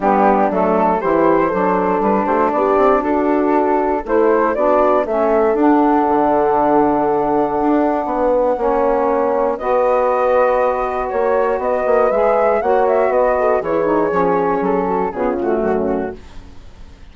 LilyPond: <<
  \new Staff \with { instrumentName = "flute" } { \time 4/4 \tempo 4 = 119 g'4 a'4 c''2 | b'8 c''8 d''4 a'2 | c''4 d''4 e''4 fis''4~ | fis''1~ |
fis''2. dis''4~ | dis''2 cis''4 dis''4 | e''4 fis''8 e''8 dis''4 cis''4~ | cis''4 a'4 gis'8 fis'4. | }
  \new Staff \with { instrumentName = "horn" } { \time 4/4 d'2 g'4 a'4~ | a'8 g'16 fis'16 g'4 fis'2 | a'4 fis'4 a'2~ | a'1 |
b'4 cis''2 b'4~ | b'2 cis''4 b'4~ | b'4 cis''4 b'8 a'8 gis'4~ | gis'4. fis'8 f'4 cis'4 | }
  \new Staff \with { instrumentName = "saxophone" } { \time 4/4 b4 a4 e'4 d'4~ | d'1 | e'4 d'4 cis'4 d'4~ | d'1~ |
d'4 cis'2 fis'4~ | fis'1 | gis'4 fis'2 e'8 dis'8 | cis'2 b8 a4. | }
  \new Staff \with { instrumentName = "bassoon" } { \time 4/4 g4 fis4 e4 fis4 | g8 a8 b8 c'8 d'2 | a4 b4 a4 d'4 | d2. d'4 |
b4 ais2 b4~ | b2 ais4 b8 ais8 | gis4 ais4 b4 e4 | f4 fis4 cis4 fis,4 | }
>>